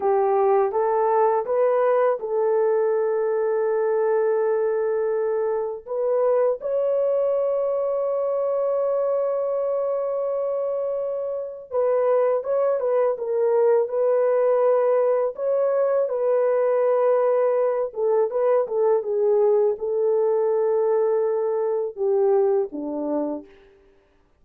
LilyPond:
\new Staff \with { instrumentName = "horn" } { \time 4/4 \tempo 4 = 82 g'4 a'4 b'4 a'4~ | a'1 | b'4 cis''2.~ | cis''1 |
b'4 cis''8 b'8 ais'4 b'4~ | b'4 cis''4 b'2~ | b'8 a'8 b'8 a'8 gis'4 a'4~ | a'2 g'4 d'4 | }